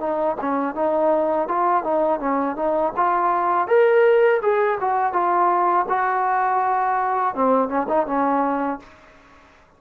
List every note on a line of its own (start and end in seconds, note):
0.00 0.37 D#4
0.41 0.75 C#4
0.75 1.48 D#4
1.48 1.84 F4
1.84 2.20 D#4
2.20 2.56 C#4
2.56 2.93 D#4
2.97 3.68 F4
3.68 4.41 A#4
4.42 4.79 G#4
4.81 5.13 F#4
5.13 5.86 F4
5.89 7.35 F#4
7.35 7.69 C4
7.69 7.87 C#4
7.89 8.07 D#4
8.07 8.80 C#4